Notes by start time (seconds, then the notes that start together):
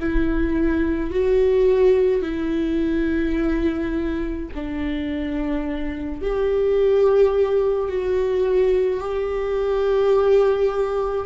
0.00 E4
1.11 F#4
2.22 E4
4.55 D4
6.22 G4
7.89 F#4
9.01 G4